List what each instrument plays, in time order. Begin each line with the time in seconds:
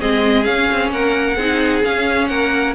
0.00 cello G#3, viola C4, violin G#4 D#5
0.44 viola C#4, cello C#4, violin F5
0.72 cello C4
0.90 cello A#3, violin A#4 F#5
1.36 cello C4, viola D#4, violin G#4
1.83 viola C#4, cello C#4, violin F5
2.27 cello A#3, violin A#4 F#5